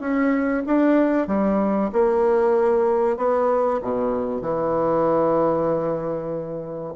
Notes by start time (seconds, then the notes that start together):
0.00 C#4
0.66 D4
1.27 G3
1.92 A#3
3.17 B3
3.82 B2
4.41 E3